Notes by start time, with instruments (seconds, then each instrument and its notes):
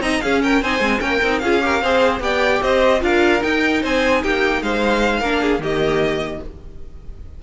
0.00 cello C4, viola D#4, violin D#5 A#5
0.21 viola C#4, cello C#4, violin G#4 F5
0.43 violin A#4 G5
0.62 cello C4, viola D#4, violin C5 G#5
0.80 cello G#3, viola C4
0.99 cello A#3, viola C#4, violin A#4 G5
1.22 cello C4, viola D#4
1.39 cello C#4, viola F4, violin G#4 F5
1.61 viola G4, violin A#4
1.82 cello C4, viola G#4, violin C5
2.20 cello B3, viola G4, violin D5 G5
2.62 cello C4, violin C5 D#5
3.00 cello D4, viola F4, violin A#4 F5
3.41 viola D#4, cello D#4, violin G5
3.82 cello C4, violin C5 G#5
4.22 cello A#3, violin G4 G5
4.62 cello G#3, violin C5 F5
5.21 cello A#3, viola D4, violin A#4
5.41 violin G#4
5.59 cello D#3, viola A#3, violin G4 D#5